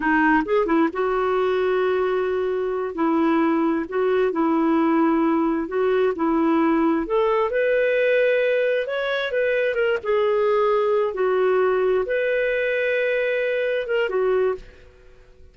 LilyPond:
\new Staff \with { instrumentName = "clarinet" } { \time 4/4 \tempo 4 = 132 dis'4 gis'8 e'8 fis'2~ | fis'2~ fis'8 e'4.~ | e'8 fis'4 e'2~ e'8~ | e'8 fis'4 e'2 a'8~ |
a'8 b'2. cis''8~ | cis''8 b'4 ais'8 gis'2~ | gis'8 fis'2 b'4.~ | b'2~ b'8 ais'8 fis'4 | }